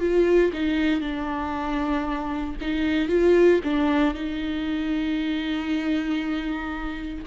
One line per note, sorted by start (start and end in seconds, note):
0.00 0.52 F4
0.53 1.01 D#4
1.01 2.56 D4
2.61 3.09 D#4
3.09 3.61 F4
3.64 4.14 D4
4.14 7.25 D#4